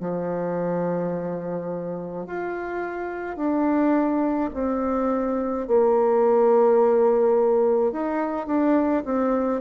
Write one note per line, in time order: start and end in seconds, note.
0.00 2.26 F3
2.26 3.37 F4
3.37 4.50 D4
4.54 5.67 C4
5.68 7.92 A#3
7.92 8.46 D#4
8.46 9.03 D4
9.05 9.61 C4